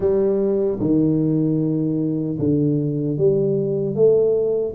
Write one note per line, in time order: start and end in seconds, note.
0.00 0.79 G3
0.80 2.38 D#3
2.39 3.17 D3
3.17 3.95 G3
3.95 4.74 A3